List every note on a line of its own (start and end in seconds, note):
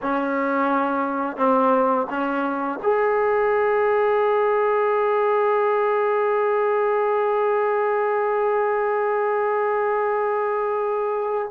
0.02 1.36 C#4
1.36 2.06 C4
2.09 2.79 C#4
2.82 11.51 G#4